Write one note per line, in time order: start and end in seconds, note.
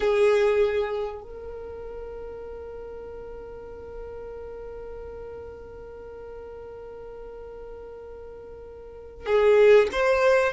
0.00 1.22 G#4
1.22 9.26 A#4
9.26 9.88 G#4
9.91 10.52 C5